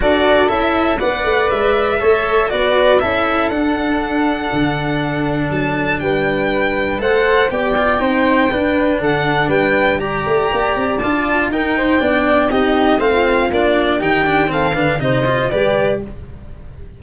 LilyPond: <<
  \new Staff \with { instrumentName = "violin" } { \time 4/4 \tempo 4 = 120 d''4 e''4 fis''4 e''4~ | e''4 d''4 e''4 fis''4~ | fis''2. a''4 | g''2 fis''4 g''4~ |
g''2 fis''4 g''4 | ais''2 a''4 g''4~ | g''4 dis''4 f''4 d''4 | g''4 f''4 dis''4 d''4 | }
  \new Staff \with { instrumentName = "flute" } { \time 4/4 a'2 d''2 | cis''4 b'4 a'2~ | a'1 | b'2 c''4 d''4 |
c''4 b'4 a'4 b'4 | d''2. ais'8 c''8 | d''4 g'4 c''16 f'4.~ f'16 | g'4 a'8 b'8 c''4 b'4 | }
  \new Staff \with { instrumentName = "cello" } { \time 4/4 fis'4 e'4 b'2 | a'4 fis'4 e'4 d'4~ | d'1~ | d'2 a'4 g'8 f'8 |
dis'4 d'2. | g'2 f'4 dis'4 | d'4 dis'4 c'4 d'4 | dis'8 d'8 c'8 d'8 dis'8 f'8 g'4 | }
  \new Staff \with { instrumentName = "tuba" } { \time 4/4 d'4 cis'4 b8 a8 gis4 | a4 b4 cis'4 d'4~ | d'4 d2 fis4 | g2 a4 b4 |
c'4 d'4 d4 g4~ | g8 a8 ais8 c'8 d'4 dis'4 | b4 c'4 a4 ais4 | dis4. d8 c4 g4 | }
>>